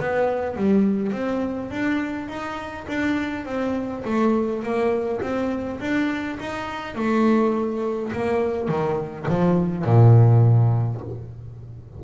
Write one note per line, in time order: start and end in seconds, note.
0.00 0.56 B3
0.56 1.12 G3
1.12 1.71 C4
1.71 2.28 D4
2.28 2.86 D#4
2.88 3.46 D4
3.46 4.04 C4
4.05 4.63 A3
4.63 5.21 A#3
5.22 5.80 C4
5.80 6.38 D4
6.40 6.95 D#4
6.95 8.12 A3
8.13 8.68 A#3
8.68 9.26 D#3
9.29 9.85 F3
9.85 11.01 A#2